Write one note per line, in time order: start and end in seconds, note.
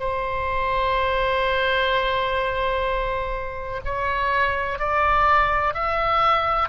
0.00 3.81 C5
3.85 4.79 C#5
4.79 5.74 D5
5.74 6.69 E5